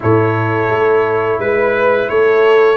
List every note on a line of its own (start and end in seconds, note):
0.00 0.69 A2
0.00 2.76 E4
0.00 1.41 A4
0.00 1.40 C#5
0.69 1.38 A3
1.38 2.08 G#3
1.38 2.09 B4
1.38 2.11 B4
2.09 2.76 A3
2.09 2.76 A4
2.09 2.76 C#5